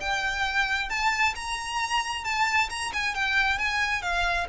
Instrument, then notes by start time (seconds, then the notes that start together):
violin
0.00 G5
0.89 A5
1.35 A#5
2.24 A5
2.69 A#5
2.93 G#5
3.15 G5
3.58 G#5
4.02 F5